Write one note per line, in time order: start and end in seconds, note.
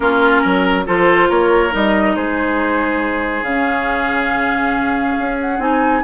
0.00 0.42 A#3
0.00 0.85 C#4
0.00 0.41 F4
0.00 0.86 A#4
0.41 0.87 F#3
0.41 0.84 A#4
0.85 1.30 F3
0.85 1.70 F4
0.85 1.28 A4
0.85 1.30 C5
1.28 1.73 A#3
1.28 2.15 A#4
1.28 1.73 C#5
1.70 2.17 G3
1.70 3.43 D#4
1.70 2.15 D#5
2.15 3.42 G#3
2.15 6.04 G#4
2.15 3.43 C5
3.42 5.14 C#3
3.42 5.58 C#4
3.42 5.37 F5
5.19 5.59 C#4
5.40 5.60 F#5
5.58 6.02 C4
5.58 6.02 D#4
5.58 6.04 G#5